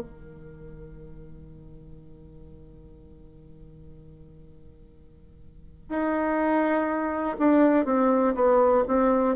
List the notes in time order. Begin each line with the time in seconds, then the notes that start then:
0.00 D#3
5.89 D#4
7.39 D4
7.85 C4
8.35 B3
8.87 C4